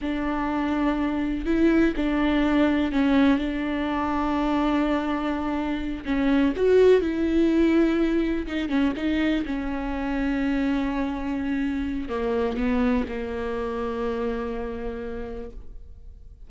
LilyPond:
\new Staff \with { instrumentName = "viola" } { \time 4/4 \tempo 4 = 124 d'2. e'4 | d'2 cis'4 d'4~ | d'1~ | d'8 cis'4 fis'4 e'4.~ |
e'4. dis'8 cis'8 dis'4 cis'8~ | cis'1~ | cis'4 ais4 b4 ais4~ | ais1 | }